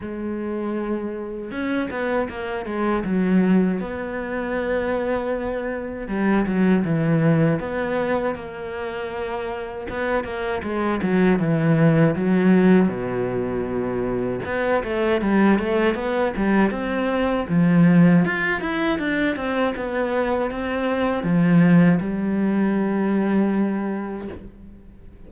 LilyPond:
\new Staff \with { instrumentName = "cello" } { \time 4/4 \tempo 4 = 79 gis2 cis'8 b8 ais8 gis8 | fis4 b2. | g8 fis8 e4 b4 ais4~ | ais4 b8 ais8 gis8 fis8 e4 |
fis4 b,2 b8 a8 | g8 a8 b8 g8 c'4 f4 | f'8 e'8 d'8 c'8 b4 c'4 | f4 g2. | }